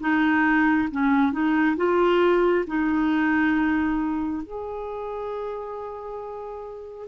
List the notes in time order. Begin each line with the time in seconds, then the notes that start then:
0.00 D#4
0.91 C#4
1.32 D#4
1.76 F4
2.67 D#4
4.43 G#4